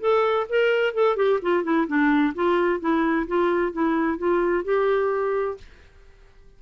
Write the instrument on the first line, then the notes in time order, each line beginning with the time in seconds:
clarinet
0.00 A4
0.49 A#4
0.94 A4
1.16 G4
1.42 F4
1.63 E4
1.87 D4
2.35 F4
2.80 E4
3.27 F4
3.72 E4
4.18 F4
4.64 G4